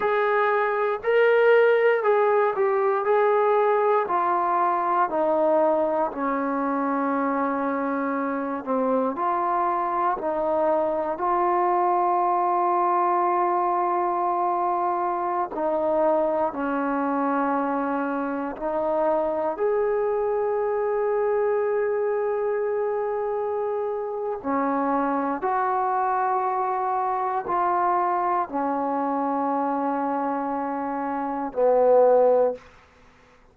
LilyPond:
\new Staff \with { instrumentName = "trombone" } { \time 4/4 \tempo 4 = 59 gis'4 ais'4 gis'8 g'8 gis'4 | f'4 dis'4 cis'2~ | cis'8 c'8 f'4 dis'4 f'4~ | f'2.~ f'16 dis'8.~ |
dis'16 cis'2 dis'4 gis'8.~ | gis'1 | cis'4 fis'2 f'4 | cis'2. b4 | }